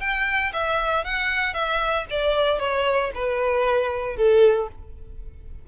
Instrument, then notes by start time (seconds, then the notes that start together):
violin
0.00 G5
0.52 E5
1.04 F#5
1.53 E5
2.10 D5
2.59 C#5
3.14 B4
4.16 A4